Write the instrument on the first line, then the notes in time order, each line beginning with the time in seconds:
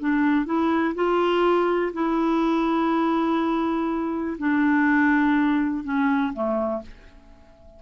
clarinet
0.00 D4
0.46 E4
0.95 F4
1.94 E4
4.39 D4
5.84 C#4
6.34 A3